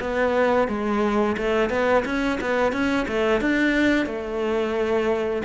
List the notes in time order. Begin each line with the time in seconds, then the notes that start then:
0.00 B3
0.68 G#3
1.37 A3
1.70 B3
2.05 C#4
2.41 B3
2.72 C#4
3.08 A3
3.41 D4
4.06 A3